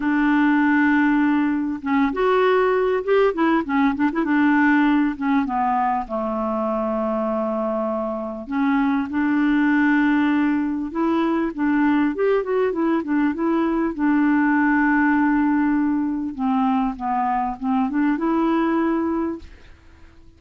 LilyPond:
\new Staff \with { instrumentName = "clarinet" } { \time 4/4 \tempo 4 = 99 d'2. cis'8 fis'8~ | fis'4 g'8 e'8 cis'8 d'16 e'16 d'4~ | d'8 cis'8 b4 a2~ | a2 cis'4 d'4~ |
d'2 e'4 d'4 | g'8 fis'8 e'8 d'8 e'4 d'4~ | d'2. c'4 | b4 c'8 d'8 e'2 | }